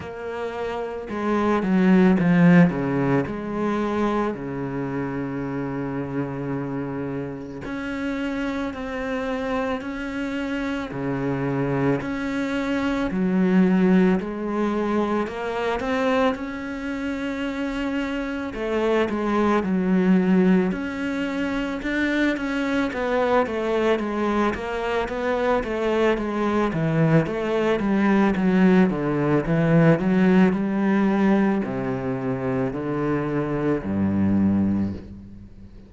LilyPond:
\new Staff \with { instrumentName = "cello" } { \time 4/4 \tempo 4 = 55 ais4 gis8 fis8 f8 cis8 gis4 | cis2. cis'4 | c'4 cis'4 cis4 cis'4 | fis4 gis4 ais8 c'8 cis'4~ |
cis'4 a8 gis8 fis4 cis'4 | d'8 cis'8 b8 a8 gis8 ais8 b8 a8 | gis8 e8 a8 g8 fis8 d8 e8 fis8 | g4 c4 d4 g,4 | }